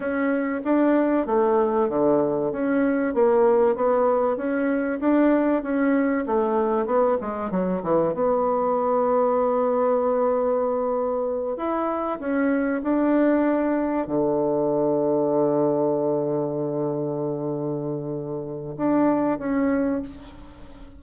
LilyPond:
\new Staff \with { instrumentName = "bassoon" } { \time 4/4 \tempo 4 = 96 cis'4 d'4 a4 d4 | cis'4 ais4 b4 cis'4 | d'4 cis'4 a4 b8 gis8 | fis8 e8 b2.~ |
b2~ b8 e'4 cis'8~ | cis'8 d'2 d4.~ | d1~ | d2 d'4 cis'4 | }